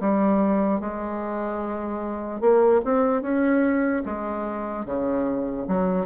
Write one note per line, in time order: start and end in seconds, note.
0.00 0.80 G3
0.80 2.40 G#3
2.40 2.81 A#3
2.85 3.21 C4
3.21 4.02 C#4
4.05 4.85 G#3
4.85 5.66 C#3
5.68 6.06 F#3